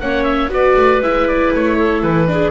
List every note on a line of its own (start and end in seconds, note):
0.00 0.48 A#3
0.00 0.49 C#4
0.00 0.52 C#5
0.00 0.23 F#5
0.23 0.49 E5
0.48 0.73 B3
0.48 1.00 F#4
0.48 1.77 B4
0.48 1.02 D5
0.76 1.01 A3
1.01 1.52 G#3
1.01 2.27 E4
1.01 1.27 E5
1.28 1.53 D5
1.54 2.02 A3
1.54 2.02 C#5
1.77 2.28 A4
2.02 2.51 E3
2.02 2.51 B4
2.27 2.51 D4
2.27 2.51 G#4